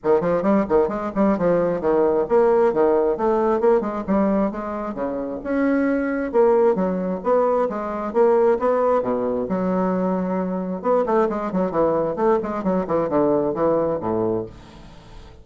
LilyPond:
\new Staff \with { instrumentName = "bassoon" } { \time 4/4 \tempo 4 = 133 dis8 f8 g8 dis8 gis8 g8 f4 | dis4 ais4 dis4 a4 | ais8 gis8 g4 gis4 cis4 | cis'2 ais4 fis4 |
b4 gis4 ais4 b4 | b,4 fis2. | b8 a8 gis8 fis8 e4 a8 gis8 | fis8 e8 d4 e4 a,4 | }